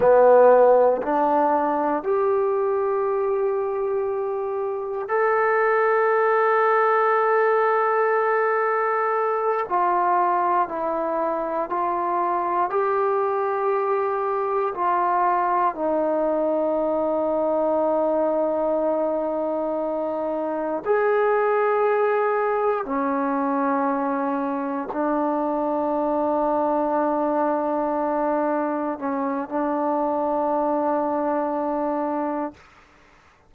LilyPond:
\new Staff \with { instrumentName = "trombone" } { \time 4/4 \tempo 4 = 59 b4 d'4 g'2~ | g'4 a'2.~ | a'4. f'4 e'4 f'8~ | f'8 g'2 f'4 dis'8~ |
dis'1~ | dis'8 gis'2 cis'4.~ | cis'8 d'2.~ d'8~ | d'8 cis'8 d'2. | }